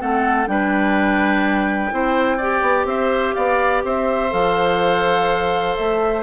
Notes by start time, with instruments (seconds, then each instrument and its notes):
0.00 bassoon A3, clarinet C4, oboe A4, flute F#5
0.47 bassoon G3, clarinet D4, oboe B4, flute G5
1.91 bassoon C4, clarinet E4, oboe C5
2.38 clarinet G4, oboe D5
2.62 bassoon B3
2.85 bassoon C4, oboe C5, flute E5
3.35 bassoon B3, oboe D5, flute F5
3.85 bassoon C4, oboe C5, flute E5
4.31 bassoon F3, clarinet A4, flute F5
5.76 bassoon A3, flute E5